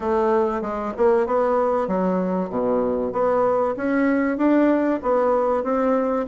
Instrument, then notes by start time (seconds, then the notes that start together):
bassoon
0.00 A3
0.61 G#3
0.97 A#3
1.26 B3
1.87 F#3
2.49 B2
3.12 B3
3.76 C#4
4.37 D4
5.02 B3
5.63 C4